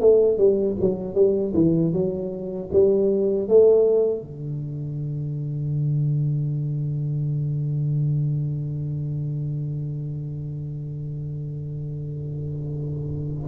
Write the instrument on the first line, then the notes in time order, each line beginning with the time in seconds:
tuba
0.00 A3
0.37 G3
0.80 F#3
1.14 G3
1.54 E3
1.92 F#3
2.72 G3
3.48 A3
4.21 D3